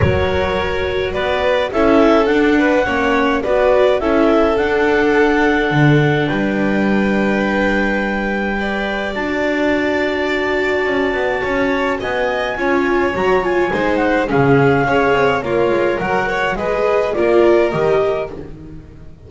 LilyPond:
<<
  \new Staff \with { instrumentName = "clarinet" } { \time 4/4 \tempo 4 = 105 cis''2 d''4 e''4 | fis''2 d''4 e''4 | fis''2. g''4~ | g''1 |
a''1~ | a''4 gis''2 ais''8 gis''8~ | gis''8 fis''8 f''2 cis''4 | fis''4 dis''4 d''4 dis''4 | }
  \new Staff \with { instrumentName = "violin" } { \time 4/4 ais'2 b'4 a'4~ | a'8 b'8 cis''4 b'4 a'4~ | a'2. b'4~ | b'2. d''4~ |
d''1 | cis''4 dis''4 cis''2 | c''4 gis'4 cis''4 f'4 | ais'8 cis''8 b'4 ais'2 | }
  \new Staff \with { instrumentName = "viola" } { \time 4/4 fis'2. e'4 | d'4 cis'4 fis'4 e'4 | d'1~ | d'2. b'4 |
fis'1~ | fis'2 f'4 fis'8 f'8 | dis'4 cis'4 gis'4 ais'4~ | ais'4 gis'4 f'4 g'4 | }
  \new Staff \with { instrumentName = "double bass" } { \time 4/4 fis2 b4 cis'4 | d'4 ais4 b4 cis'4 | d'2 d4 g4~ | g1 |
d'2. cis'8 b8 | cis'4 b4 cis'4 fis4 | gis4 cis4 cis'8 c'8 ais8 gis8 | fis4 gis4 ais4 dis4 | }
>>